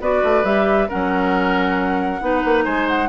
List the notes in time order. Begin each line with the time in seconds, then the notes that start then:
0.00 B3 F#4 B4 D5
0.23 A3
0.43 G3 G4 E5
0.88 F#3 C#4 A#4 F#5
2.20 B3 D#4 B4
2.44 A#3
2.64 G#3 C5 G#5
2.87 F#5